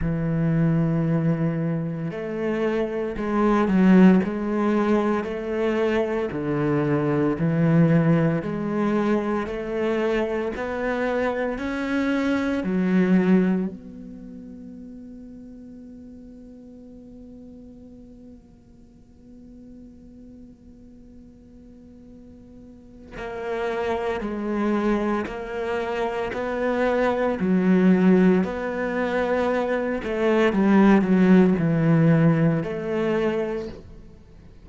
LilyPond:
\new Staff \with { instrumentName = "cello" } { \time 4/4 \tempo 4 = 57 e2 a4 gis8 fis8 | gis4 a4 d4 e4 | gis4 a4 b4 cis'4 | fis4 b2.~ |
b1~ | b2 ais4 gis4 | ais4 b4 fis4 b4~ | b8 a8 g8 fis8 e4 a4 | }